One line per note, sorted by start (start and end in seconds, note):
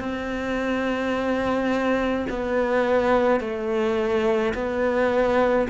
0.00 2.26 C4
2.30 3.41 B3
3.41 4.54 A3
4.54 5.68 B3